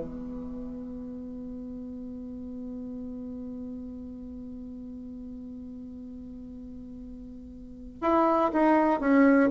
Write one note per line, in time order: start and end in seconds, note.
0.00 8.00 B3
8.02 8.52 E4
8.53 9.00 D#4
9.00 9.50 C#4